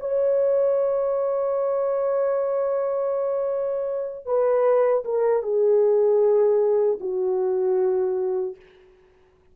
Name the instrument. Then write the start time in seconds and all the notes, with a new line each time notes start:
horn
0.00 C#5
4.26 B4
5.04 A#4
5.43 G#4
7.00 F#4